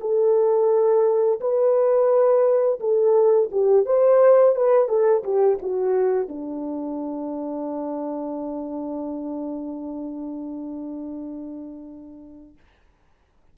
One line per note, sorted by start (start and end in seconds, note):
0.00 1.40 A4
1.40 2.80 B4
2.80 3.49 A4
3.52 3.86 G4
3.86 4.55 C5
4.55 4.88 B4
4.88 5.23 A4
5.24 5.58 G4
5.62 6.28 F#4
6.28 12.56 D4